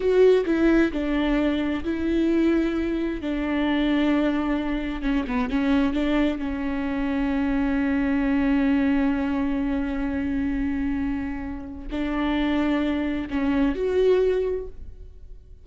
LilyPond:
\new Staff \with { instrumentName = "viola" } { \time 4/4 \tempo 4 = 131 fis'4 e'4 d'2 | e'2. d'4~ | d'2. cis'8 b8 | cis'4 d'4 cis'2~ |
cis'1~ | cis'1~ | cis'2 d'2~ | d'4 cis'4 fis'2 | }